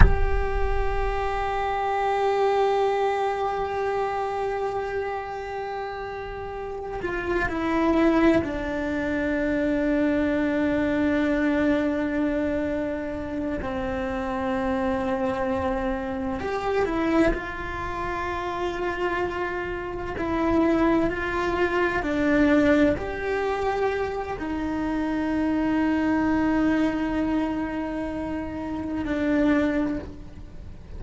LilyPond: \new Staff \with { instrumentName = "cello" } { \time 4/4 \tempo 4 = 64 g'1~ | g'2.~ g'8 f'8 | e'4 d'2.~ | d'2~ d'8 c'4.~ |
c'4. g'8 e'8 f'4.~ | f'4. e'4 f'4 d'8~ | d'8 g'4. dis'2~ | dis'2. d'4 | }